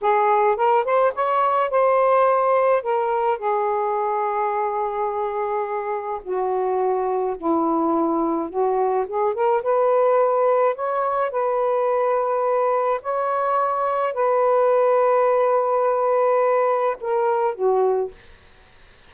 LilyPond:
\new Staff \with { instrumentName = "saxophone" } { \time 4/4 \tempo 4 = 106 gis'4 ais'8 c''8 cis''4 c''4~ | c''4 ais'4 gis'2~ | gis'2. fis'4~ | fis'4 e'2 fis'4 |
gis'8 ais'8 b'2 cis''4 | b'2. cis''4~ | cis''4 b'2.~ | b'2 ais'4 fis'4 | }